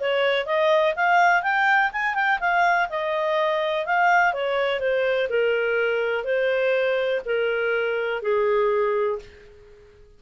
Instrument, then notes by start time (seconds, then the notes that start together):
clarinet
0.00 C#5
0.46 D#5
0.96 F5
1.43 G5
1.92 G#5
2.15 G5
2.41 F5
2.90 D#5
3.86 F5
4.34 C#5
4.80 C5
5.30 A#4
6.24 C5
7.26 A#4
8.23 G#4